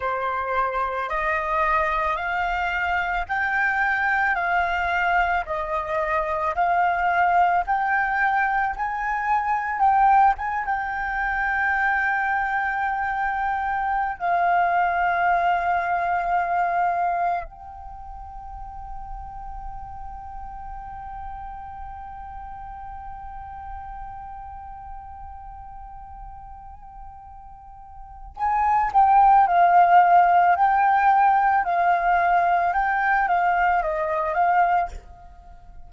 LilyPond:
\new Staff \with { instrumentName = "flute" } { \time 4/4 \tempo 4 = 55 c''4 dis''4 f''4 g''4 | f''4 dis''4 f''4 g''4 | gis''4 g''8 gis''16 g''2~ g''16~ | g''4 f''2. |
g''1~ | g''1~ | g''2 gis''8 g''8 f''4 | g''4 f''4 g''8 f''8 dis''8 f''8 | }